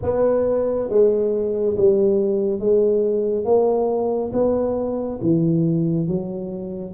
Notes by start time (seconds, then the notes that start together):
0.02 B3
0.89 G#3
1.77 G3
2.59 G#3
3.44 A#3
4.32 B3
5.21 E3
6.07 F#3